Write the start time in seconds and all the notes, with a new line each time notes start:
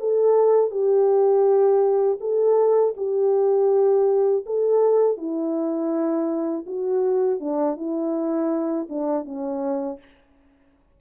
0.00 A4
0.71 G4
2.21 A4
2.97 G4
4.46 A4
5.18 E4
6.67 F#4
7.40 D4
7.77 E4
8.90 D4
9.25 C#4